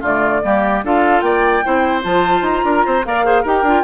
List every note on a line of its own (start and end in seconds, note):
0.00 0.41 D3
0.00 0.43 A3
0.00 0.40 F4
0.00 0.84 D5
0.43 0.83 G3
0.43 0.83 A#3
0.43 0.84 G4
0.83 1.21 D4
0.83 1.63 F4
0.83 1.24 A4
0.83 1.20 F5
1.20 1.62 A#3
1.20 1.64 D5
1.20 2.01 G5
1.63 2.04 C4
1.63 2.02 E4
1.63 2.65 C5
2.02 2.42 F3
2.02 3.02 F4
2.02 2.43 A5
2.42 2.62 D#4
2.42 3.03 A#5
2.64 2.84 D4
2.64 2.85 A#4
2.85 3.05 C4
2.85 3.05 C5
3.04 3.44 A#3
3.04 3.24 A#4
3.04 3.25 D5
3.04 3.45 F5
3.24 3.44 G#4
3.24 3.42 C5
3.42 3.62 D#4
3.42 3.65 G4
3.42 3.82 A#4
3.42 3.83 G5
3.62 3.82 D4
3.62 3.83 F4